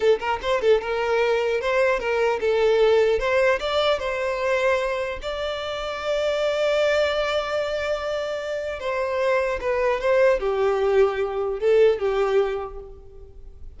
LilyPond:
\new Staff \with { instrumentName = "violin" } { \time 4/4 \tempo 4 = 150 a'8 ais'8 c''8 a'8 ais'2 | c''4 ais'4 a'2 | c''4 d''4 c''2~ | c''4 d''2.~ |
d''1~ | d''2 c''2 | b'4 c''4 g'2~ | g'4 a'4 g'2 | }